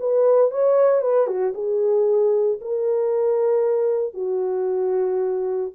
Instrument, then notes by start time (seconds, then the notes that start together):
horn
0.00 B4
0.51 C#5
1.02 B4
1.27 F#4
1.55 G#4
2.61 A#4
4.14 F#4